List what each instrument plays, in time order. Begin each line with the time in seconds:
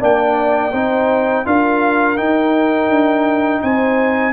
0.00 tuba A#3, trombone D4, horn D5, trumpet G5
0.73 tuba C4, trombone D#4, horn C5
1.45 tuba D4, trombone F4, horn A#4, trumpet F5
2.17 trombone D#4, tuba D#4, trumpet G5
2.90 tuba D4
3.62 tuba C4, horn C5, trumpet G#5